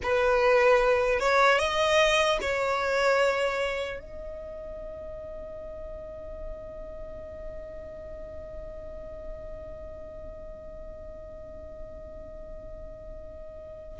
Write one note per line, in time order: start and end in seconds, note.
0.02 1.19 B4
1.19 1.58 C#5
1.58 2.38 D#5
2.41 3.99 C#5
3.99 13.99 D#5